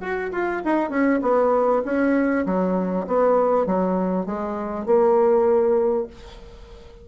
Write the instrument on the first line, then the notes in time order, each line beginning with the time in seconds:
bassoon
0.00 F#4
0.32 F4
0.64 D#4
0.90 C#4
1.21 B3
1.85 C#4
2.45 F#3
3.07 B3
3.66 F#3
4.26 G#3
4.86 A#3